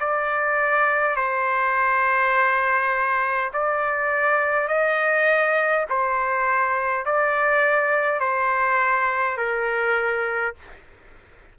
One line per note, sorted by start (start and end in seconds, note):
0.00 1.16 D5
1.16 3.51 C5
3.53 4.68 D5
4.68 5.86 D#5
5.90 7.06 C5
7.06 8.20 D5
8.20 9.37 C5
9.37 10.55 A#4